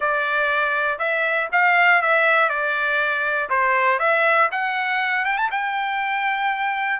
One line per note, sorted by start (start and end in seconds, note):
0.00 0.99 D5
0.99 1.49 E5
1.52 2.01 F5
2.01 2.49 E5
2.49 3.49 D5
3.49 3.99 C5
3.99 4.49 E5
4.51 5.25 F#5
5.25 5.37 G5
5.37 5.50 A5
5.51 7.00 G5